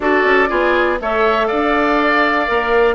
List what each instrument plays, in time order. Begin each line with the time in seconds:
0.00 bassoon D4, clarinet F#4, oboe A4, flute D5
0.24 bassoon C#4
0.48 bassoon B3, clarinet F4, oboe G#4
1.00 bassoon A3, clarinet A4, oboe C#5, flute E5
1.47 bassoon D4, oboe D5, flute F5
2.47 bassoon A#3, clarinet A#4